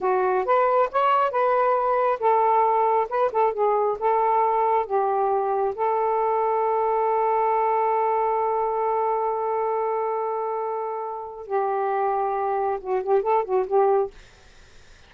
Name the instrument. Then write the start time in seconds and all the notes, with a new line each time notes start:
saxophone
0.01 F#4
0.45 B4
0.91 C#5
1.31 B4
2.19 A4
3.09 B4
3.32 A4
3.53 G#4
3.99 A4
4.86 G4
5.75 A4
11.47 G4
12.80 F#4
13.02 G4
13.22 A4
13.44 F#4
13.66 G4